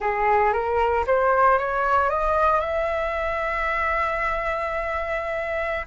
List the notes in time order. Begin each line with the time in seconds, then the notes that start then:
0.00 G#4
0.52 A#4
1.06 C5
1.58 C#5
2.09 D#5
2.60 E5